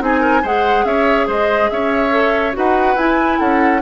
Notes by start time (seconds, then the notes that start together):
0.00 C4 D#4 G#4 G#5
0.20 A#4
0.42 G#3 G#4 C5 F#5
0.84 C#4 C#5 E5
1.27 G#3 C5 D#5
1.70 C#4 C#5 E5
2.11 A4
2.53 D#4 F#4 B4 F#5
2.95 E4 G#5
3.39 C#4 A4 F#5